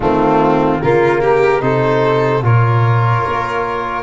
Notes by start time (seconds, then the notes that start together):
0.00 D#3 A3 C4 F4
0.81 C#3 A#3 F4 A#4
1.21 G4
1.61 C3 D#4 A4 C5
2.41 A#2 F4 A#4 C#5
3.26 A#3